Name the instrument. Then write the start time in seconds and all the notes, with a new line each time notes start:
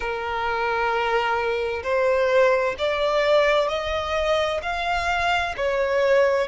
violin
0.00 A#4
1.83 C5
2.78 D5
3.68 D#5
4.62 F5
5.56 C#5